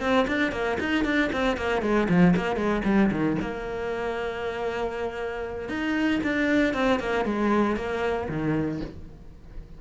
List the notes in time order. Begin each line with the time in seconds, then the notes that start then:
0.00 C4
0.27 D4
0.51 A#3
0.79 D#4
1.04 D4
1.32 C4
1.57 A#3
1.82 G#3
2.09 F3
2.36 A#3
2.56 G#3
2.84 G3
3.11 D#3
3.41 A#3
5.68 D#4
6.23 D4
6.74 C4
6.99 A#3
7.25 G#3
7.76 A#3
8.29 D#3